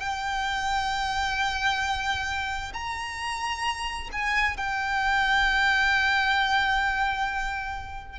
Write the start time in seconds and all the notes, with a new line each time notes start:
0.00 G5
2.74 A#5
4.12 G#5
4.57 G5